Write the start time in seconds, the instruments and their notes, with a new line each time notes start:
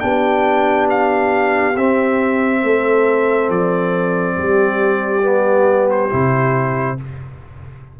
0.00 tuba B3, trombone D4, horn G4, trumpet G5
0.90 trumpet F5
1.76 tuba C4, trombone C4, trumpet E5
2.63 tuba A3, horn A4
3.49 tuba F3, trumpet D5
4.37 tuba G3, horn G4
5.22 trombone B3
5.90 trumpet C5
6.10 tuba C3, trombone E4